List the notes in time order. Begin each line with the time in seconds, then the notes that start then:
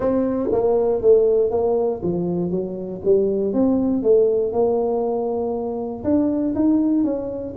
0.00 C4
0.52 A#3
1.01 A3
1.51 A#3
2.03 F3
2.50 F#3
3.05 G3
3.53 C4
4.02 A3
4.52 A#3
6.03 D4
6.55 D#4
7.04 C#4